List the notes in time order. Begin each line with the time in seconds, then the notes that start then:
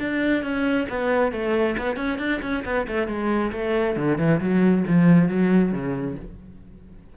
0.00 D4
0.44 C#4
0.90 B3
1.33 A3
1.78 B3
1.97 C#4
2.19 D4
2.42 C#4
2.65 B3
2.88 A3
3.08 G#3
3.53 A3
3.97 D3
4.19 E3
4.41 F#3
4.87 F3
5.29 F#3
5.73 C#3